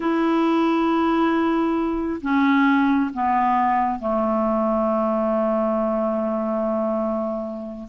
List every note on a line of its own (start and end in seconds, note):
0.00 2.20 E4
2.21 3.10 C#4
3.13 3.99 B3
3.99 7.88 A3